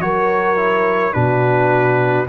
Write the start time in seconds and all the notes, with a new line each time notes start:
0.00 F#3 F#4 A#4 C#5
0.56 E4
1.13 B2 D4 F#4 B4